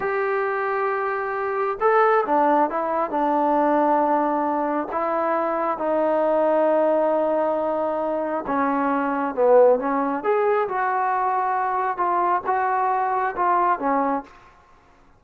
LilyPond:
\new Staff \with { instrumentName = "trombone" } { \time 4/4 \tempo 4 = 135 g'1 | a'4 d'4 e'4 d'4~ | d'2. e'4~ | e'4 dis'2.~ |
dis'2. cis'4~ | cis'4 b4 cis'4 gis'4 | fis'2. f'4 | fis'2 f'4 cis'4 | }